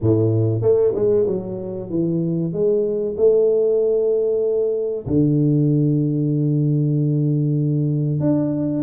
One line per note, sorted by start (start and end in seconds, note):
0.01 0.61 A2
0.61 0.93 A3
0.94 1.26 G#3
1.26 1.89 F#3
1.90 2.52 E3
2.52 3.16 G#3
3.17 5.06 A3
5.06 8.19 D3
8.19 8.82 D4